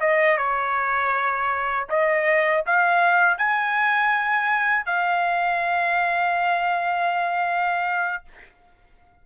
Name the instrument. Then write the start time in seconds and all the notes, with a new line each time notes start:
trumpet
0.00 D#5
0.37 C#5
1.89 D#5
2.66 F5
3.38 G#5
4.85 F5